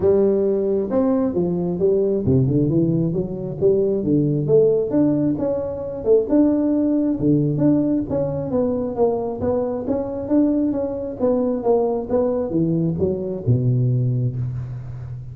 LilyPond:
\new Staff \with { instrumentName = "tuba" } { \time 4/4 \tempo 4 = 134 g2 c'4 f4 | g4 c8 d8 e4 fis4 | g4 d4 a4 d'4 | cis'4. a8 d'2 |
d4 d'4 cis'4 b4 | ais4 b4 cis'4 d'4 | cis'4 b4 ais4 b4 | e4 fis4 b,2 | }